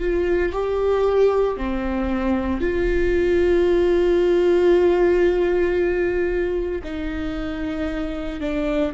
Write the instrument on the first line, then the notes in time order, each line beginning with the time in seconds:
viola
0.00 F4
0.53 G4
1.57 C4
2.61 F4
6.84 D#4
8.41 D4